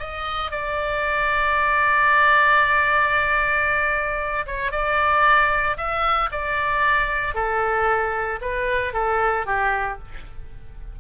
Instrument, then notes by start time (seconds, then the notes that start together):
oboe
0.00 D#5
0.52 D5
4.47 C#5
4.72 D5
5.78 E5
6.32 D5
7.35 A4
8.42 B4
8.94 A4
9.46 G4